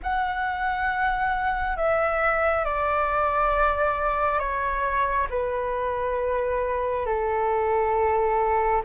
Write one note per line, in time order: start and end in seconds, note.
0.02 1.76 F#5
1.76 2.65 E5
2.65 4.39 D5
4.39 5.27 C#5
5.30 7.06 B4
7.06 8.82 A4